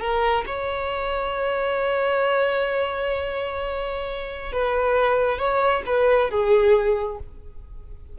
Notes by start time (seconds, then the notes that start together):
0.00 A#4
0.46 C#5
4.52 B4
5.38 C#5
5.86 B4
6.30 G#4